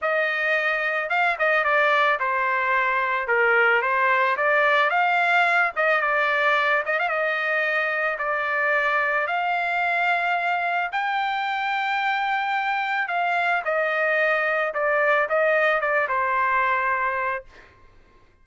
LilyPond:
\new Staff \with { instrumentName = "trumpet" } { \time 4/4 \tempo 4 = 110 dis''2 f''8 dis''8 d''4 | c''2 ais'4 c''4 | d''4 f''4. dis''8 d''4~ | d''8 dis''16 f''16 dis''2 d''4~ |
d''4 f''2. | g''1 | f''4 dis''2 d''4 | dis''4 d''8 c''2~ c''8 | }